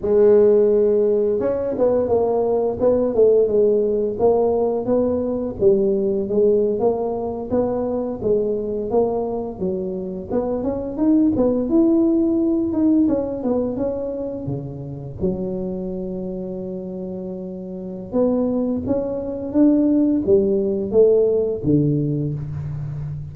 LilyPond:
\new Staff \with { instrumentName = "tuba" } { \time 4/4 \tempo 4 = 86 gis2 cis'8 b8 ais4 | b8 a8 gis4 ais4 b4 | g4 gis8. ais4 b4 gis16~ | gis8. ais4 fis4 b8 cis'8 dis'16~ |
dis'16 b8 e'4. dis'8 cis'8 b8 cis'16~ | cis'8. cis4 fis2~ fis16~ | fis2 b4 cis'4 | d'4 g4 a4 d4 | }